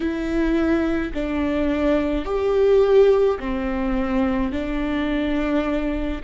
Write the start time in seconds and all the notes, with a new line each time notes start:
0.00 E4
1.13 D4
2.25 G4
3.39 C4
4.51 D4